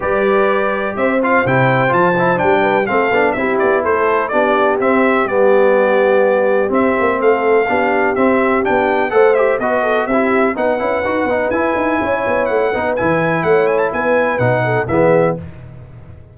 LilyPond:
<<
  \new Staff \with { instrumentName = "trumpet" } { \time 4/4 \tempo 4 = 125 d''2 e''8 f''8 g''4 | a''4 g''4 f''4 e''8 d''8 | c''4 d''4 e''4 d''4~ | d''2 e''4 f''4~ |
f''4 e''4 g''4 fis''8 e''8 | dis''4 e''4 fis''2 | gis''2 fis''4 gis''4 | fis''8 gis''16 a''16 gis''4 fis''4 e''4 | }
  \new Staff \with { instrumentName = "horn" } { \time 4/4 b'2 c''2~ | c''4. b'8 a'4 g'4 | a'4 g'2.~ | g'2. a'4 |
g'2. c''4 | b'8 a'8 g'4 b'2~ | b'4 cis''4. b'4. | cis''4 b'4. a'8 gis'4 | }
  \new Staff \with { instrumentName = "trombone" } { \time 4/4 g'2~ g'8 f'8 e'4 | f'8 e'8 d'4 c'8 d'8 e'4~ | e'4 d'4 c'4 b4~ | b2 c'2 |
d'4 c'4 d'4 a'8 g'8 | fis'4 e'4 dis'8 e'8 fis'8 dis'8 | e'2~ e'8 dis'8 e'4~ | e'2 dis'4 b4 | }
  \new Staff \with { instrumentName = "tuba" } { \time 4/4 g2 c'4 c4 | f4 g4 a8 b8 c'8 b8 | a4 b4 c'4 g4~ | g2 c'8 ais8 a4 |
b4 c'4 b4 a4 | b4 c'4 b8 cis'8 dis'8 b8 | e'8 dis'8 cis'8 b8 a8 b8 e4 | a4 b4 b,4 e4 | }
>>